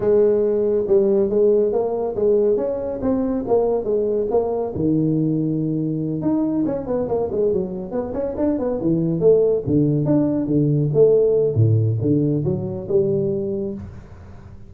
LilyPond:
\new Staff \with { instrumentName = "tuba" } { \time 4/4 \tempo 4 = 140 gis2 g4 gis4 | ais4 gis4 cis'4 c'4 | ais4 gis4 ais4 dis4~ | dis2~ dis8 dis'4 cis'8 |
b8 ais8 gis8 fis4 b8 cis'8 d'8 | b8 e4 a4 d4 d'8~ | d'8 d4 a4. a,4 | d4 fis4 g2 | }